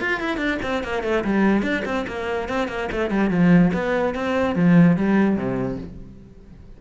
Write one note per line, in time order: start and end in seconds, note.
0.00 0.20 F4
0.20 0.37 E4
0.37 0.57 D4
0.62 0.83 C4
0.83 1.03 A#3
1.03 1.23 A3
1.24 1.62 G3
1.62 1.83 D4
1.85 2.06 C4
2.07 2.48 A#3
2.48 2.68 C4
2.68 2.89 A#3
2.92 3.10 A3
3.10 3.30 G3
3.30 3.71 F3
3.73 4.14 B3
4.15 4.55 C4
4.55 4.96 F3
4.96 5.36 G3
5.36 5.78 C3